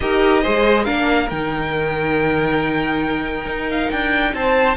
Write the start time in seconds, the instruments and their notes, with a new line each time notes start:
0.00 cello D#4, viola G4, violin A#4 D#5
0.42 cello G#3, viola G#4, violin C5
0.84 cello A#3, viola D4, violin A#4 F5
1.29 cello D#3, viola D#4, violin G5
3.45 cello D#4
3.70 violin F5
3.91 cello D4, violin G5
4.33 cello C4, violin C5 A5